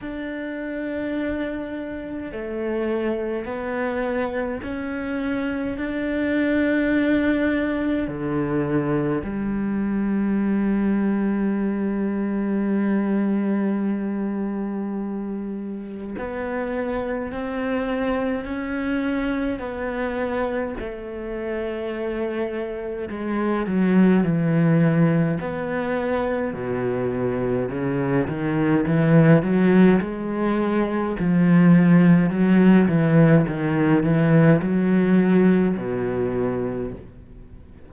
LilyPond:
\new Staff \with { instrumentName = "cello" } { \time 4/4 \tempo 4 = 52 d'2 a4 b4 | cis'4 d'2 d4 | g1~ | g2 b4 c'4 |
cis'4 b4 a2 | gis8 fis8 e4 b4 b,4 | cis8 dis8 e8 fis8 gis4 f4 | fis8 e8 dis8 e8 fis4 b,4 | }